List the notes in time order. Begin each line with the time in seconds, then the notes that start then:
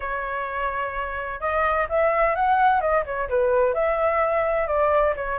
0.00 C#5
1.40 D#5
1.89 E5
2.35 F#5
2.80 D#5
3.05 C#5
3.29 B4
3.74 E5
4.67 D5
5.16 C#5